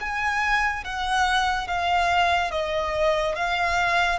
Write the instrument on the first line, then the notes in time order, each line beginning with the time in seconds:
violin
0.00 G#5
0.84 F#5
1.67 F5
2.51 D#5
3.35 F5